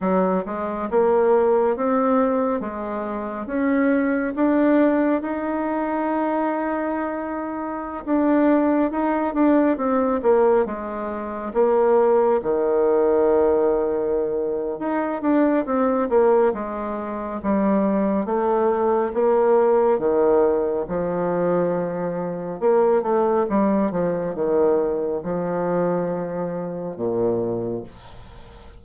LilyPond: \new Staff \with { instrumentName = "bassoon" } { \time 4/4 \tempo 4 = 69 fis8 gis8 ais4 c'4 gis4 | cis'4 d'4 dis'2~ | dis'4~ dis'16 d'4 dis'8 d'8 c'8 ais16~ | ais16 gis4 ais4 dis4.~ dis16~ |
dis4 dis'8 d'8 c'8 ais8 gis4 | g4 a4 ais4 dis4 | f2 ais8 a8 g8 f8 | dis4 f2 ais,4 | }